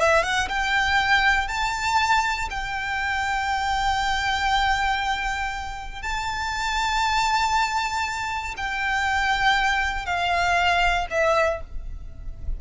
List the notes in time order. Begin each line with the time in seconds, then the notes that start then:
0.00 E5
0.23 F#5
0.49 G5
1.48 A5
2.50 G5
6.03 A5
8.57 G5
10.06 F5
11.10 E5